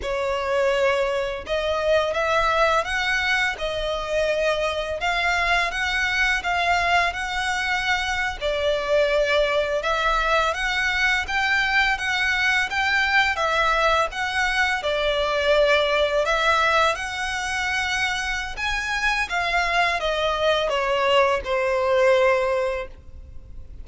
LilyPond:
\new Staff \with { instrumentName = "violin" } { \time 4/4 \tempo 4 = 84 cis''2 dis''4 e''4 | fis''4 dis''2 f''4 | fis''4 f''4 fis''4.~ fis''16 d''16~ | d''4.~ d''16 e''4 fis''4 g''16~ |
g''8. fis''4 g''4 e''4 fis''16~ | fis''8. d''2 e''4 fis''16~ | fis''2 gis''4 f''4 | dis''4 cis''4 c''2 | }